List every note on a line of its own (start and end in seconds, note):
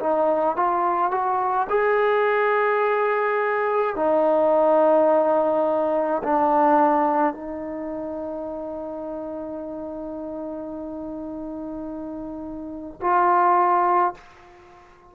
0.00 0.57 D#4
0.57 1.12 F4
1.12 1.68 F#4
1.70 3.96 G#4
3.96 6.23 D#4
6.24 7.34 D4
7.34 13.00 D#4
13.01 14.15 F4